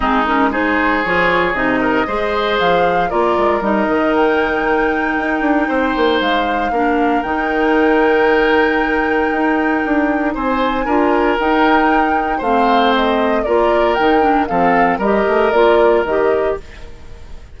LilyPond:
<<
  \new Staff \with { instrumentName = "flute" } { \time 4/4 \tempo 4 = 116 gis'8 ais'8 c''4 cis''4 dis''4~ | dis''4 f''4 d''4 dis''4 | g''1 | f''2 g''2~ |
g''1 | gis''2 g''2 | f''4 dis''4 d''4 g''4 | f''4 dis''4 d''4 dis''4 | }
  \new Staff \with { instrumentName = "oboe" } { \time 4/4 dis'4 gis'2~ gis'8 ais'8 | c''2 ais'2~ | ais'2. c''4~ | c''4 ais'2.~ |
ais'1 | c''4 ais'2. | c''2 ais'2 | a'4 ais'2. | }
  \new Staff \with { instrumentName = "clarinet" } { \time 4/4 c'8 cis'8 dis'4 f'4 dis'4 | gis'2 f'4 dis'4~ | dis'1~ | dis'4 d'4 dis'2~ |
dis'1~ | dis'4 f'4 dis'2 | c'2 f'4 dis'8 d'8 | c'4 g'4 f'4 g'4 | }
  \new Staff \with { instrumentName = "bassoon" } { \time 4/4 gis2 f4 c4 | gis4 f4 ais8 gis8 g8 dis8~ | dis2 dis'8 d'8 c'8 ais8 | gis4 ais4 dis2~ |
dis2 dis'4 d'4 | c'4 d'4 dis'2 | a2 ais4 dis4 | f4 g8 a8 ais4 dis4 | }
>>